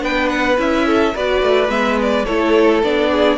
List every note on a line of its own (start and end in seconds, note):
0.00 0.58 B3
0.00 0.56 D4
0.00 0.86 B4
0.00 0.29 G5
0.29 0.57 F#5
0.57 1.14 C#4
0.57 1.13 E4
0.57 1.16 E5
0.86 1.14 A4
1.14 1.42 B3
1.14 1.68 F#4
1.14 2.25 B4
1.14 1.70 D5
1.42 1.69 A3
1.68 2.25 G#3
1.68 2.25 B3
1.68 1.98 E5
2.02 2.25 D5
2.25 2.83 A3
2.25 2.83 E4
2.25 3.10 A4
2.25 2.81 C#5
2.83 3.37 B3
2.83 3.37 D4
2.83 3.37 D5
3.11 3.37 G#4